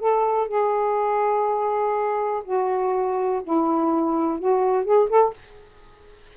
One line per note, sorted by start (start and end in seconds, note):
0.00 0.48 A4
0.48 2.43 G#4
2.45 3.42 F#4
3.44 4.39 E4
4.39 4.85 F#4
4.85 5.09 G#4
5.10 5.34 A4